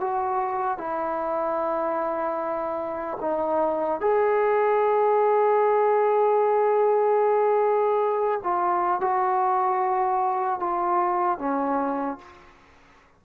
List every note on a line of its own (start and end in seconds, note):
0.00 0.78 F#4
0.78 3.18 E4
3.20 4.00 D#4
4.01 8.41 G#4
8.43 9.01 F4
9.01 10.60 F#4
10.60 11.39 F4
11.39 12.19 C#4